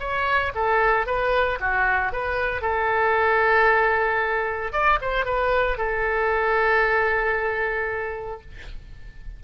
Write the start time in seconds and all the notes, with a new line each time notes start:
0.00 C#5
0.55 A4
1.06 B4
1.60 F#4
2.12 B4
2.62 A4
4.72 D5
5.02 C5
5.25 B4
5.78 A4